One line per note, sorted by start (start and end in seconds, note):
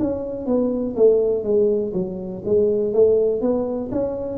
0.00 0.46 C#4
0.46 0.95 B3
0.96 1.44 A3
1.44 1.93 G#3
1.94 2.43 F#3
2.45 2.94 G#3
2.94 3.42 A3
3.42 3.91 B3
3.92 4.38 C#4